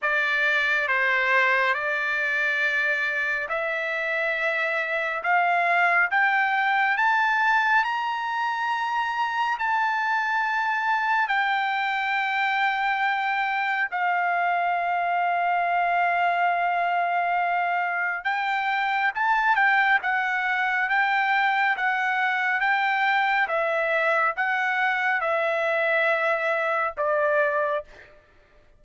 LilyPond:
\new Staff \with { instrumentName = "trumpet" } { \time 4/4 \tempo 4 = 69 d''4 c''4 d''2 | e''2 f''4 g''4 | a''4 ais''2 a''4~ | a''4 g''2. |
f''1~ | f''4 g''4 a''8 g''8 fis''4 | g''4 fis''4 g''4 e''4 | fis''4 e''2 d''4 | }